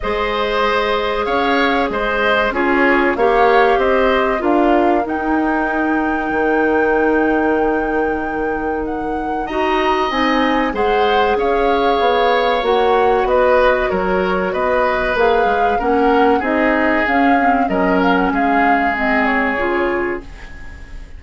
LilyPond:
<<
  \new Staff \with { instrumentName = "flute" } { \time 4/4 \tempo 4 = 95 dis''2 f''4 dis''4 | cis''4 f''4 dis''4 f''4 | g''1~ | g''2 fis''4 ais''4 |
gis''4 fis''4 f''2 | fis''4 dis''4 cis''4 dis''4 | f''4 fis''4 dis''4 f''4 | dis''8 f''16 fis''16 f''4 dis''8 cis''4. | }
  \new Staff \with { instrumentName = "oboe" } { \time 4/4 c''2 cis''4 c''4 | gis'4 cis''4 c''4 ais'4~ | ais'1~ | ais'2. dis''4~ |
dis''4 c''4 cis''2~ | cis''4 b'4 ais'4 b'4~ | b'4 ais'4 gis'2 | ais'4 gis'2. | }
  \new Staff \with { instrumentName = "clarinet" } { \time 4/4 gis'1 | f'4 g'2 f'4 | dis'1~ | dis'2. fis'4 |
dis'4 gis'2. | fis'1 | gis'4 cis'4 dis'4 cis'8 c'8 | cis'2 c'4 f'4 | }
  \new Staff \with { instrumentName = "bassoon" } { \time 4/4 gis2 cis'4 gis4 | cis'4 ais4 c'4 d'4 | dis'2 dis2~ | dis2. dis'4 |
c'4 gis4 cis'4 b4 | ais4 b4 fis4 b4 | ais8 gis8 ais4 c'4 cis'4 | fis4 gis2 cis4 | }
>>